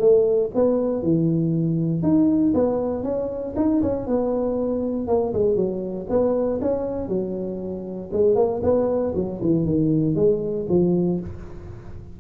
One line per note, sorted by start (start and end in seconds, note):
0.00 0.51 A3
0.55 1.03 B3
1.03 2.03 E3
2.03 2.54 D#4
2.54 3.04 B3
3.04 3.55 C#4
3.56 3.82 D#4
3.83 4.07 C#4
4.07 5.08 B3
5.08 5.33 A#3
5.33 5.56 G#3
5.56 6.07 F#3
6.10 6.61 B3
6.61 7.08 C#4
7.08 8.10 F#3
8.13 8.36 G#3
8.36 8.61 A#3
8.63 9.14 B3
9.15 9.41 F#3
9.42 9.66 E3
9.66 10.16 D#3
10.16 10.66 G#3
10.69 11.20 F3